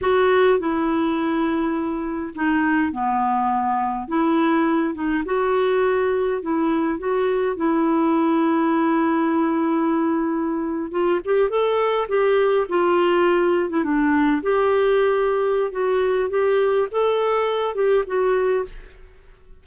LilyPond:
\new Staff \with { instrumentName = "clarinet" } { \time 4/4 \tempo 4 = 103 fis'4 e'2. | dis'4 b2 e'4~ | e'8 dis'8 fis'2 e'4 | fis'4 e'2.~ |
e'2~ e'8. f'8 g'8 a'16~ | a'8. g'4 f'4.~ f'16 e'16 d'16~ | d'8. g'2~ g'16 fis'4 | g'4 a'4. g'8 fis'4 | }